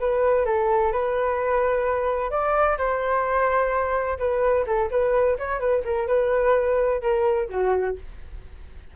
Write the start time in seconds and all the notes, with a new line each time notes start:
0.00 B4
0.46 A4
0.92 B4
2.31 D5
2.78 C5
4.19 B4
4.67 A4
4.91 B4
5.39 C#5
5.60 B4
5.85 A#4
6.08 B4
7.02 A#4
7.49 F#4